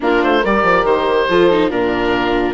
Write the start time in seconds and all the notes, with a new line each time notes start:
0.00 A#3 D4 F4 A#4
0.23 A3 C5
0.40 G3 G4 A#4 D5
0.62 F3
0.84 D#3 C5
1.29 F3 F4 A4
1.50 D#4
1.69 A#2 D4 F4 A#4